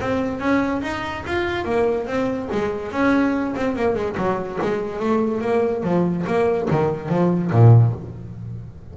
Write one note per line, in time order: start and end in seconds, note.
0.00 0.39 C4
0.39 0.81 C#4
0.81 1.23 D#4
1.26 1.65 F4
1.65 2.06 A#3
2.06 2.48 C4
2.52 2.91 G#3
2.91 3.54 C#4
3.55 3.76 C4
3.76 3.95 A#3
3.95 4.16 G#3
4.17 4.59 F#3
4.62 4.99 G#3
4.99 5.41 A3
5.41 5.83 A#3
5.83 6.25 F3
6.26 6.68 A#3
6.70 7.09 D#3
7.09 7.51 F3
7.51 7.93 A#2